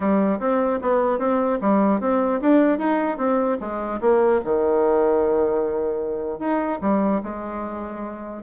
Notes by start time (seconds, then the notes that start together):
0.00 G3
0.39 C4
0.81 B3
1.19 C4
1.61 G3
2.00 C4
2.41 D4
2.78 D#4
3.17 C4
3.60 G#3
4.01 A#3
4.44 D#3
6.39 D#4
6.81 G3
7.23 G#3